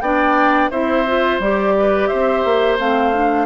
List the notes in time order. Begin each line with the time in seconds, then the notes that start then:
0.00 B3 D4 D5 G5
0.70 C4 E4 C5 E5
1.07 F4
1.39 G3 G4 D5
1.79 B4
2.07 C4 C5 E5
2.44 A#3
2.78 A3 C4 F5
3.13 D4